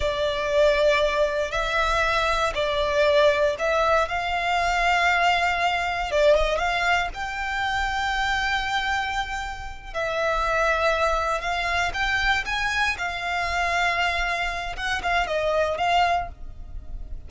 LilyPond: \new Staff \with { instrumentName = "violin" } { \time 4/4 \tempo 4 = 118 d''2. e''4~ | e''4 d''2 e''4 | f''1 | d''8 dis''8 f''4 g''2~ |
g''2.~ g''8 e''8~ | e''2~ e''8 f''4 g''8~ | g''8 gis''4 f''2~ f''8~ | f''4 fis''8 f''8 dis''4 f''4 | }